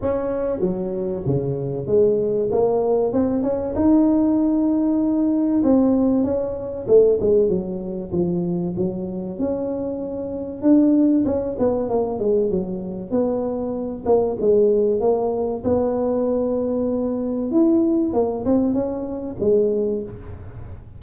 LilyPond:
\new Staff \with { instrumentName = "tuba" } { \time 4/4 \tempo 4 = 96 cis'4 fis4 cis4 gis4 | ais4 c'8 cis'8 dis'2~ | dis'4 c'4 cis'4 a8 gis8 | fis4 f4 fis4 cis'4~ |
cis'4 d'4 cis'8 b8 ais8 gis8 | fis4 b4. ais8 gis4 | ais4 b2. | e'4 ais8 c'8 cis'4 gis4 | }